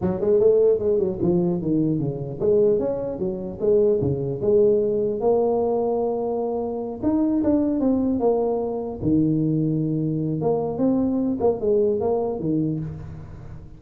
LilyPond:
\new Staff \with { instrumentName = "tuba" } { \time 4/4 \tempo 4 = 150 fis8 gis8 a4 gis8 fis8 f4 | dis4 cis4 gis4 cis'4 | fis4 gis4 cis4 gis4~ | gis4 ais2.~ |
ais4. dis'4 d'4 c'8~ | c'8 ais2 dis4.~ | dis2 ais4 c'4~ | c'8 ais8 gis4 ais4 dis4 | }